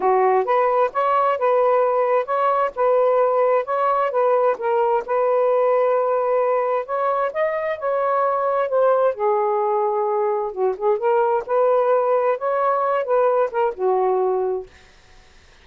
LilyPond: \new Staff \with { instrumentName = "saxophone" } { \time 4/4 \tempo 4 = 131 fis'4 b'4 cis''4 b'4~ | b'4 cis''4 b'2 | cis''4 b'4 ais'4 b'4~ | b'2. cis''4 |
dis''4 cis''2 c''4 | gis'2. fis'8 gis'8 | ais'4 b'2 cis''4~ | cis''8 b'4 ais'8 fis'2 | }